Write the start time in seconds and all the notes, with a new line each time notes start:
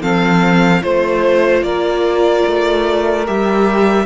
0.00 F3 C4 A4 F5
0.81 A3 F4 C5
1.62 A#3 A#4 D5
2.47 A3
3.26 G3 G4 E5